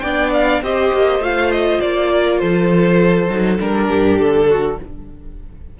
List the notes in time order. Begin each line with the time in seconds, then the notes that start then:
0.00 B3 D4 D5 G5
0.33 F5
0.62 C4 G4 C5 D#5
0.93 A#3
1.19 A3 F4 F5
1.51 D#5
1.81 A#3 D5
2.11 A#4
2.38 F3 A4 C5
3.29 F#3 D#4
3.59 G3 D4 A#4
3.86 G2 G4
4.19 D3 A4
4.50 F#4